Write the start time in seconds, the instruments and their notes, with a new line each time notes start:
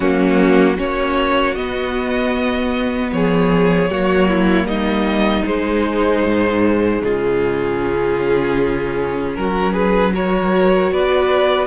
0.00 cello F#3, viola A#3, violin C#4 F#4
0.75 cello A#3, viola C#4, violin F#4 C#5
1.54 viola B3, cello B3, violin D#5
3.12 cello F3, violin G#4 C#5
3.89 cello F#3, viola A#3, violin F#4
4.28 violin E4
4.64 cello G3, violin D#4 D#5
5.45 viola G#3, cello G#3, violin C5
6.25 cello G#2
7.02 cello C#3, violin F4 G#4
7.79 viola C#4
9.35 cello F#3, violin F#4 A#4
9.72 violin G#4 B4
10.13 viola F#4, violin A#4 C#5
10.91 cello B3, violin B4 D5